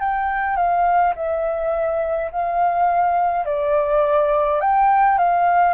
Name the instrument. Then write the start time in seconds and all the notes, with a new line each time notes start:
flute
0.00 G5
0.57 F5
1.16 E5
2.32 F5
3.46 D5
4.61 G5
5.19 F5